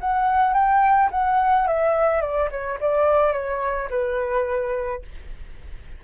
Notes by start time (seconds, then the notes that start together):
0.00 F#5
0.53 G5
1.11 F#5
1.67 E5
2.21 D5
2.50 C#5
2.80 D5
3.32 C#5
3.89 B4